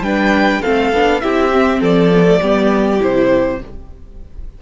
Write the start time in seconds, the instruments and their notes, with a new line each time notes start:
0.00 cello G3, viola D4, violin B4 G5
0.62 cello A3, viola C4, violin A4 F5
0.92 cello B3, viola D4
1.20 cello C4, viola E4, violin G4 E5
1.52 viola C4
1.80 cello F3, violin A4 D5
2.14 viola B3
2.25 viola A3
2.41 cello G3, viola B3, violin G4
3.00 cello C3, viola E4, violin C5